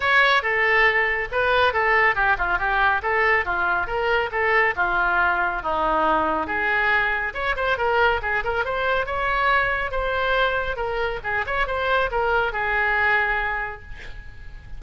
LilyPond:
\new Staff \with { instrumentName = "oboe" } { \time 4/4 \tempo 4 = 139 cis''4 a'2 b'4 | a'4 g'8 f'8 g'4 a'4 | f'4 ais'4 a'4 f'4~ | f'4 dis'2 gis'4~ |
gis'4 cis''8 c''8 ais'4 gis'8 ais'8 | c''4 cis''2 c''4~ | c''4 ais'4 gis'8 cis''8 c''4 | ais'4 gis'2. | }